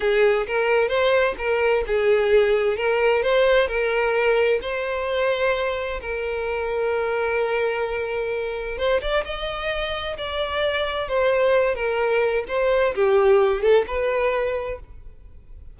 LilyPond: \new Staff \with { instrumentName = "violin" } { \time 4/4 \tempo 4 = 130 gis'4 ais'4 c''4 ais'4 | gis'2 ais'4 c''4 | ais'2 c''2~ | c''4 ais'2.~ |
ais'2. c''8 d''8 | dis''2 d''2 | c''4. ais'4. c''4 | g'4. a'8 b'2 | }